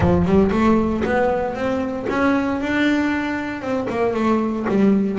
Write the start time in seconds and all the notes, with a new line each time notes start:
0.00 F3
0.25 G3
0.51 A3
1.04 B3
1.54 C4
2.09 C#4
2.60 D4
3.61 C4
3.89 A#3
4.14 A3
4.68 G3